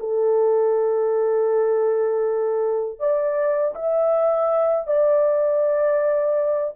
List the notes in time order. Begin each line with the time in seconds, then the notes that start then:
0.00 A4
3.00 D5
3.75 E5
4.87 D5